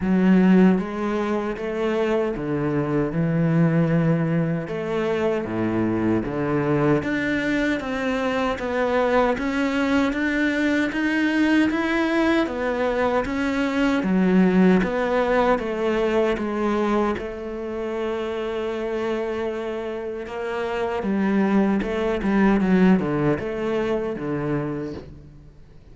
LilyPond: \new Staff \with { instrumentName = "cello" } { \time 4/4 \tempo 4 = 77 fis4 gis4 a4 d4 | e2 a4 a,4 | d4 d'4 c'4 b4 | cis'4 d'4 dis'4 e'4 |
b4 cis'4 fis4 b4 | a4 gis4 a2~ | a2 ais4 g4 | a8 g8 fis8 d8 a4 d4 | }